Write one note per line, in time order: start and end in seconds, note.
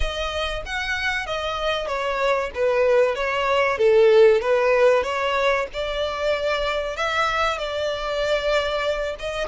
0.00 0.63 D#5
0.65 1.26 F#5
1.26 1.87 D#5
1.87 2.50 C#5
2.54 3.15 B4
3.15 3.78 C#5
3.78 4.41 A4
4.41 5.03 B4
5.03 5.66 C#5
5.73 6.96 D5
6.96 7.58 E5
7.58 9.16 D5
9.19 9.47 D#5